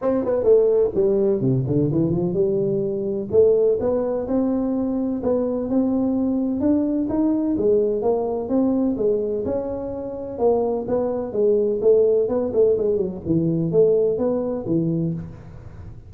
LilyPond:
\new Staff \with { instrumentName = "tuba" } { \time 4/4 \tempo 4 = 127 c'8 b8 a4 g4 c8 d8 | e8 f8 g2 a4 | b4 c'2 b4 | c'2 d'4 dis'4 |
gis4 ais4 c'4 gis4 | cis'2 ais4 b4 | gis4 a4 b8 a8 gis8 fis8 | e4 a4 b4 e4 | }